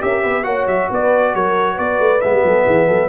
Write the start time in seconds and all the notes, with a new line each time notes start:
0.00 C#4 G4 A#4 E5
0.23 B3 B4
0.43 A#3 F#4 C#5 F#5
0.66 F#3 E5
0.90 B3 B4 D5
1.35 F#3 A#4 C#5
1.75 B3 B4 D5
1.99 A3
2.21 G#3 B3 E5
2.33 G3
2.44 F#3 A4
2.65 E3 G#4
2.87 F#3 A4